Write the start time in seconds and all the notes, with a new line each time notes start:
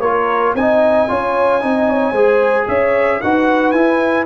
0.00 A#3 F4 A#4 C#5
0.55 C4 D#4 D#5 G#5
1.08 C#4 F4 C#5
1.61 C4 D#4 D#5
1.89 C#5
2.12 G#3 G#4 C5
2.68 C#4 C#5 E5
3.21 D#4 F#4 B4 F#5
3.72 E4 G#5